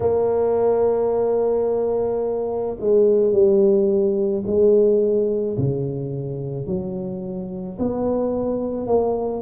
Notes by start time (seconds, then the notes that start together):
0.00 A#3
2.80 G#3
3.32 G3
4.46 G#3
5.58 C#3
6.67 F#3
7.78 B3
8.86 A#3